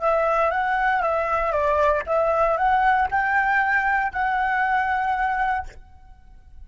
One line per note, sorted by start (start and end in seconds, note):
0.00 0.51 E5
0.51 1.02 F#5
1.03 1.52 E5
1.52 2.03 D5
2.07 2.58 E5
2.58 3.09 F#5
3.11 4.13 G5
4.13 5.66 F#5